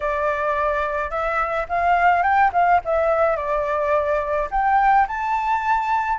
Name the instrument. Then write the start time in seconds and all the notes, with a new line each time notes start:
flute
0.00 D5
1.10 E5
1.68 F5
2.23 G5
2.52 F5
2.84 E5
3.36 D5
4.51 G5
5.07 A5